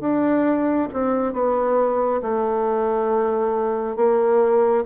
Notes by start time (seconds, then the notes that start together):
0.00 D4
0.93 C4
1.33 B3
2.22 A3
3.96 A#3